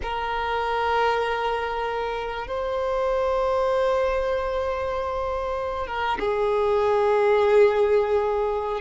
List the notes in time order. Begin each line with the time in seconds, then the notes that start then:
0.02 A#4
2.47 C5
5.87 A#4
6.19 G#4